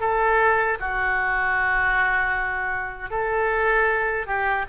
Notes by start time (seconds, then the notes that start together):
0.00 A4
0.80 F#4
3.10 A4
4.26 G4